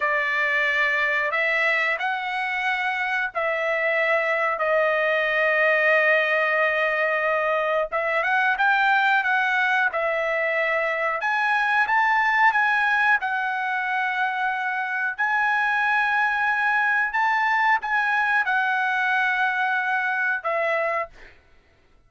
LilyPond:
\new Staff \with { instrumentName = "trumpet" } { \time 4/4 \tempo 4 = 91 d''2 e''4 fis''4~ | fis''4 e''2 dis''4~ | dis''1 | e''8 fis''8 g''4 fis''4 e''4~ |
e''4 gis''4 a''4 gis''4 | fis''2. gis''4~ | gis''2 a''4 gis''4 | fis''2. e''4 | }